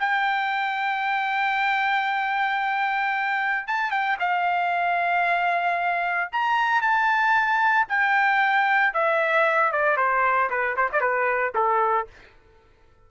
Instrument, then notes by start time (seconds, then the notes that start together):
trumpet
0.00 G5
3.67 A5
3.91 G5
4.20 F5
6.33 A#5
6.82 A5
7.89 G5
8.94 E5
9.72 D5
9.97 C5
10.50 B4
10.77 C5
10.92 D5
11.01 B4
11.55 A4